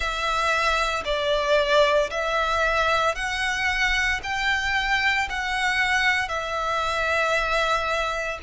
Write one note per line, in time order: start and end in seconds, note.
0.00 1.03 E5
1.04 2.10 D5
2.10 3.15 E5
3.15 4.20 F#5
4.23 5.28 G5
5.29 6.28 F#5
6.28 8.39 E5